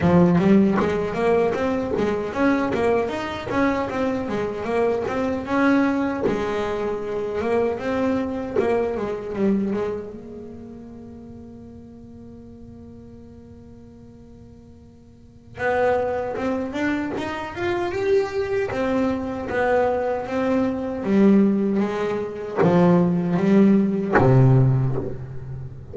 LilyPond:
\new Staff \with { instrumentName = "double bass" } { \time 4/4 \tempo 4 = 77 f8 g8 gis8 ais8 c'8 gis8 cis'8 ais8 | dis'8 cis'8 c'8 gis8 ais8 c'8 cis'4 | gis4. ais8 c'4 ais8 gis8 | g8 gis8 ais2.~ |
ais1 | b4 c'8 d'8 dis'8 f'8 g'4 | c'4 b4 c'4 g4 | gis4 f4 g4 c4 | }